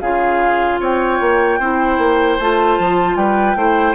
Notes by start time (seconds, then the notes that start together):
0.00 C#3 F4 G#4 F5
0.80 C4 C#5 G5
1.20 A#3
1.59 C4 E4 C5
1.98 A#3
2.38 A3 F4 A5
2.78 F3
3.15 G3 B4 G5
3.56 A3 E4 C5